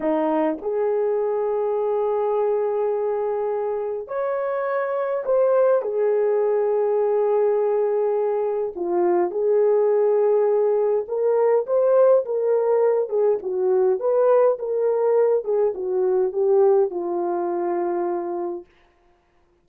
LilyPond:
\new Staff \with { instrumentName = "horn" } { \time 4/4 \tempo 4 = 103 dis'4 gis'2.~ | gis'2. cis''4~ | cis''4 c''4 gis'2~ | gis'2. f'4 |
gis'2. ais'4 | c''4 ais'4. gis'8 fis'4 | b'4 ais'4. gis'8 fis'4 | g'4 f'2. | }